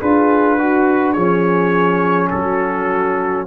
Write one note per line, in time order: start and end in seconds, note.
0.00 1.16 D4
0.00 0.58 F4
0.00 0.57 G#4
0.00 1.13 B4
0.57 1.13 F#4
0.57 1.16 F#4
1.13 2.31 F3
1.13 3.47 C#4
1.13 2.28 G#4
1.13 2.28 C#5
2.30 3.47 F#3
2.30 3.47 F#4
2.30 3.46 A4